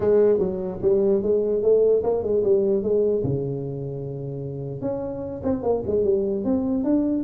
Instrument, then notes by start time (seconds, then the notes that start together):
tuba
0.00 G#3
0.39 F#3
0.82 G3
1.22 G#3
1.62 A3
2.03 A#3
2.23 G#3
2.43 G3
2.82 G#3
3.23 C#3
4.81 C#4
5.43 C4
5.63 A#3
5.86 G#3
6.04 G3
6.44 C4
6.83 D4